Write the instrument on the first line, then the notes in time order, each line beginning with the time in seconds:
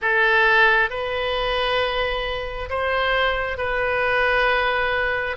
oboe
0.01 A4
0.90 B4
2.69 C5
3.57 B4